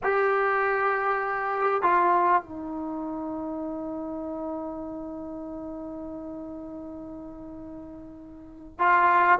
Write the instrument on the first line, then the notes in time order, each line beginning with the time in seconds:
trombone
0.03 G4
1.82 F4
2.42 D#4
8.78 F4